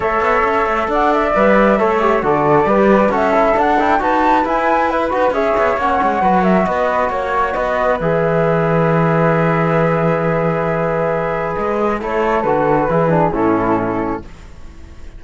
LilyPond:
<<
  \new Staff \with { instrumentName = "flute" } { \time 4/4 \tempo 4 = 135 e''2 fis''8 e''4.~ | e''4 d''2 e''4 | fis''8 g''8 a''4 gis''4 b'4 | e''4 fis''4. e''8 dis''4 |
cis''4 dis''4 e''2~ | e''1~ | e''2 dis''4 cis''4 | b'2 a'2 | }
  \new Staff \with { instrumentName = "flute" } { \time 4/4 cis''2 d''2 | cis''4 a'4 b'4 a'4~ | a'4 b'2. | cis''2 b'8 ais'8 b'4 |
cis''4 b'2.~ | b'1~ | b'2. a'4~ | a'4 gis'4 e'2 | }
  \new Staff \with { instrumentName = "trombone" } { \time 4/4 a'2. b'4 | a'8 g'8 fis'4 g'4 fis'8 e'8 | d'8 e'8 fis'4 e'4. fis'8 | gis'4 cis'4 fis'2~ |
fis'2 gis'2~ | gis'1~ | gis'2. e'4 | fis'4 e'8 d'8 cis'2 | }
  \new Staff \with { instrumentName = "cello" } { \time 4/4 a8 b8 cis'8 a8 d'4 g4 | a4 d4 g4 cis'4 | d'4 dis'4 e'4. dis'8 | cis'8 b8 ais8 gis8 fis4 b4 |
ais4 b4 e2~ | e1~ | e2 gis4 a4 | d4 e4 a,2 | }
>>